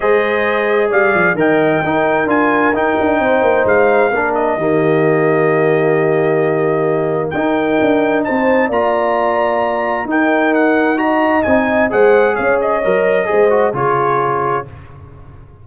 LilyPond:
<<
  \new Staff \with { instrumentName = "trumpet" } { \time 4/4 \tempo 4 = 131 dis''2 f''4 g''4~ | g''4 gis''4 g''2 | f''4. dis''2~ dis''8~ | dis''1 |
g''2 a''4 ais''4~ | ais''2 g''4 fis''4 | ais''4 gis''4 fis''4 f''8 dis''8~ | dis''2 cis''2 | }
  \new Staff \with { instrumentName = "horn" } { \time 4/4 c''2 d''4 dis''4 | ais'2. c''4~ | c''4 ais'4 g'2~ | g'1 |
ais'2 c''4 d''4~ | d''2 ais'2 | dis''2 c''4 cis''4~ | cis''4 c''4 gis'2 | }
  \new Staff \with { instrumentName = "trombone" } { \time 4/4 gis'2. ais'4 | dis'4 f'4 dis'2~ | dis'4 d'4 ais2~ | ais1 |
dis'2. f'4~ | f'2 dis'2 | fis'4 dis'4 gis'2 | ais'4 gis'8 fis'8 f'2 | }
  \new Staff \with { instrumentName = "tuba" } { \time 4/4 gis2 g8 f8 dis4 | dis'4 d'4 dis'8 d'8 c'8 ais8 | gis4 ais4 dis2~ | dis1 |
dis'4 d'4 c'4 ais4~ | ais2 dis'2~ | dis'4 c'4 gis4 cis'4 | fis4 gis4 cis2 | }
>>